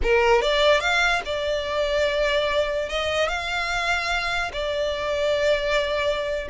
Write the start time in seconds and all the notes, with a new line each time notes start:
0.02 A#4
0.41 D5
0.80 F5
1.25 D5
2.89 D#5
3.28 F5
4.52 D5